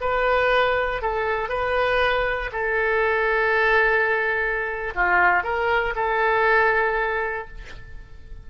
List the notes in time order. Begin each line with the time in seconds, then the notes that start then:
0.00 B4
1.01 A4
1.48 B4
2.52 A4
4.95 F4
5.43 A#4
5.95 A4